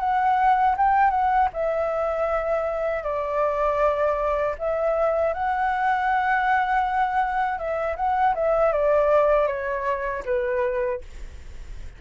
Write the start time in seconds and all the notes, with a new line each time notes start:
0.00 F#5
0.78 G5
1.11 F#5
1.54 E5
3.04 D5
4.59 E5
5.34 F#5
7.59 E5
7.97 F#5
8.35 E5
8.73 D5
9.48 C#5
10.26 B4